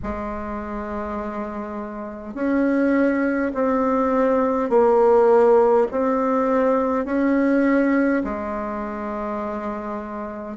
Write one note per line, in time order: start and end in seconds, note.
0.02 2.34 G#3
2.34 3.52 C#4
3.54 4.69 C4
4.69 5.87 A#3
5.91 7.05 C4
7.05 8.22 C#4
8.24 10.57 G#3